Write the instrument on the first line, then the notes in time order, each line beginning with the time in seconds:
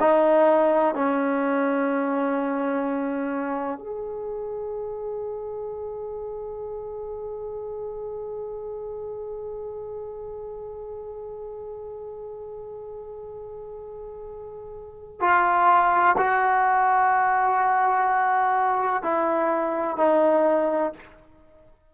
trombone
0.00 D#4
0.95 C#4
3.79 G#4
15.21 F4
16.18 F#4
19.03 E4
19.97 D#4